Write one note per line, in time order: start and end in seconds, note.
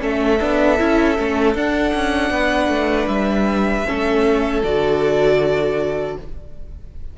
0.00 0.41 A3
0.00 0.38 C#4
0.00 2.33 A4
0.00 1.57 E5
0.41 0.81 B3
0.41 0.79 D4
0.79 1.19 C#4
0.79 1.17 E4
1.18 1.55 A3
1.18 1.56 C#4
1.55 1.94 D4
1.55 3.87 D4
1.55 3.08 F#5
1.95 2.31 C#4
2.31 2.69 B3
2.31 3.87 B4
2.69 3.07 A3
3.08 3.85 G3
3.08 4.62 E5
3.87 4.64 A3
3.87 4.63 C#4
3.87 6.18 A4
4.64 6.18 D3
4.64 6.19 F#4
4.64 6.18 D5